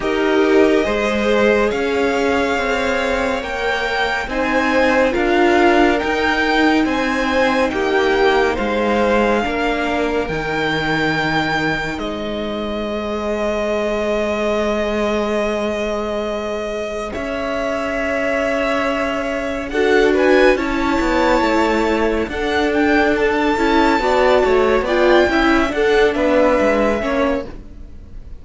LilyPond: <<
  \new Staff \with { instrumentName = "violin" } { \time 4/4 \tempo 4 = 70 dis''2 f''2 | g''4 gis''4 f''4 g''4 | gis''4 g''4 f''2 | g''2 dis''2~ |
dis''1 | e''2. fis''8 gis''8 | a''2 fis''8 g''8 a''4~ | a''4 g''4 fis''8 e''4. | }
  \new Staff \with { instrumentName = "violin" } { \time 4/4 ais'4 c''4 cis''2~ | cis''4 c''4 ais'2 | c''4 g'4 c''4 ais'4~ | ais'2 c''2~ |
c''1 | cis''2. a'8 b'8 | cis''2 a'2 | d''8 cis''8 d''8 e''8 a'8 b'4 cis''8 | }
  \new Staff \with { instrumentName = "viola" } { \time 4/4 g'4 gis'2. | ais'4 dis'4 f'4 dis'4~ | dis'2. d'4 | dis'2. gis'4~ |
gis'1~ | gis'2. fis'4 | e'2 d'4. e'8 | fis'4 f'8 e'8 d'4. cis'8 | }
  \new Staff \with { instrumentName = "cello" } { \time 4/4 dis'4 gis4 cis'4 c'4 | ais4 c'4 d'4 dis'4 | c'4 ais4 gis4 ais4 | dis2 gis2~ |
gis1 | cis'2. d'4 | cis'8 b8 a4 d'4. cis'8 | b8 a8 b8 cis'8 d'8 b8 gis8 ais8 | }
>>